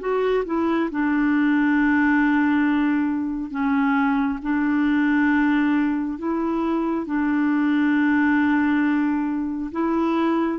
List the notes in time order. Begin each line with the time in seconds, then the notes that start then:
0.00 F#4
0.45 E4
0.91 D4
3.51 C#4
4.42 D4
6.18 E4
7.06 D4
9.72 E4